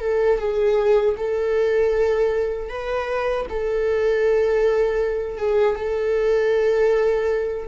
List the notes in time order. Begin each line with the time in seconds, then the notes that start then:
0.00 A4
0.38 G#4
1.17 A4
2.69 B4
3.49 A4
5.37 G#4
5.75 A4